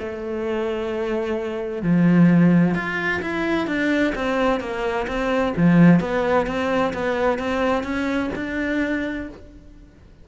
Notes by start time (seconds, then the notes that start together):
0.00 A3
1.83 F3
2.75 F4
3.22 E4
3.67 D4
4.16 C4
4.61 A#3
5.08 C4
5.57 F3
6.01 B3
6.47 C4
6.94 B3
7.39 C4
7.84 C#4
8.36 D4